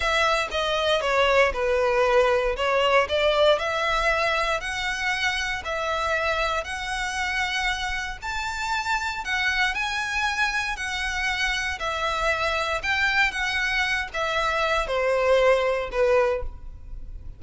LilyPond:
\new Staff \with { instrumentName = "violin" } { \time 4/4 \tempo 4 = 117 e''4 dis''4 cis''4 b'4~ | b'4 cis''4 d''4 e''4~ | e''4 fis''2 e''4~ | e''4 fis''2. |
a''2 fis''4 gis''4~ | gis''4 fis''2 e''4~ | e''4 g''4 fis''4. e''8~ | e''4 c''2 b'4 | }